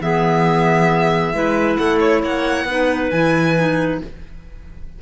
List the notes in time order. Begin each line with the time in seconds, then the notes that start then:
0.00 E3 B3 G#4 E5
1.33 G#3 E4 B4
1.76 A3 A4 F#5
1.99 C#5
2.20 A#3 C#5 F#5
2.64 B3 D#4 B4
3.10 E3 E4 G#5
3.56 D#4